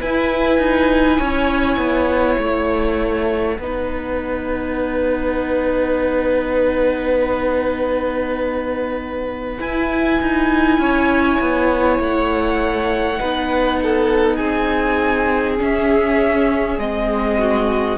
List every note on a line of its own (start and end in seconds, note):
0.00 3.61 E4
0.00 0.59 E4
0.00 1.19 B4
0.00 2.40 G#5
0.59 1.19 D#4
1.19 1.77 C#4
1.19 3.59 C#5
1.77 2.37 B3
2.39 3.58 A3
2.39 9.60 F#5
3.59 9.59 B3
3.59 9.58 D#4
3.59 10.81 B4
9.58 13.18 E4
9.58 10.21 E4
9.58 12.01 G#5
10.21 10.79 D#4
10.79 11.39 C#4
10.79 13.20 C#5
11.41 12.00 B3
12.00 13.20 A3
12.00 14.36 F#5
13.18 14.40 B3
13.18 15.58 D#4
13.18 13.80 B4
13.83 14.38 A4
14.36 15.60 C4
14.36 17.38 G#4
14.36 15.56 G#5
15.58 16.78 C#4
15.58 16.79 C#4
15.58 16.79 E5
16.79 17.98 G#3
16.79 17.98 C4
16.79 17.98 D#5
17.39 17.98 F#4